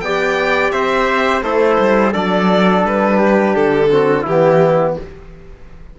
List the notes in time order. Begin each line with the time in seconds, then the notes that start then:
0.00 B3 G4 D5 G5
0.71 C4 C5 E5
1.42 A3 E4 A4 C5
1.79 G3
2.12 F#3 D4 A4 D5
2.84 G3 B4
3.18 G4
3.55 D3 A4
3.90 C4 F#4
4.22 E3 E4 G4
4.28 B3